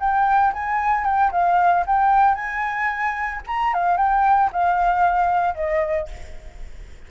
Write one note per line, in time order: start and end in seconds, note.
0.00 0.53 G5
0.54 1.04 G#5
1.04 1.31 G5
1.32 1.85 F5
1.87 2.35 G5
2.35 3.41 G#5
3.47 3.74 A#5
3.74 3.97 F5
3.97 4.50 G5
4.53 5.55 F5
5.55 6.08 D#5